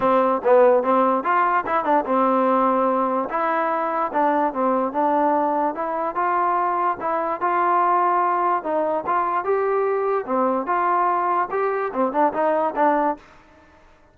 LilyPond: \new Staff \with { instrumentName = "trombone" } { \time 4/4 \tempo 4 = 146 c'4 b4 c'4 f'4 | e'8 d'8 c'2. | e'2 d'4 c'4 | d'2 e'4 f'4~ |
f'4 e'4 f'2~ | f'4 dis'4 f'4 g'4~ | g'4 c'4 f'2 | g'4 c'8 d'8 dis'4 d'4 | }